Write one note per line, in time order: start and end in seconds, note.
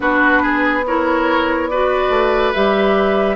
0.00 2.09 B3
0.00 0.83 D4
0.00 0.42 F#4
0.00 0.85 B4
0.42 0.84 G#4
0.86 1.71 E4
0.86 1.70 A#4
0.86 1.68 C#5
1.68 2.54 F#4
1.68 3.36 B4
1.68 2.52 D5
2.09 2.52 A3
2.53 3.36 G3
2.53 3.36 G4
2.53 3.36 E5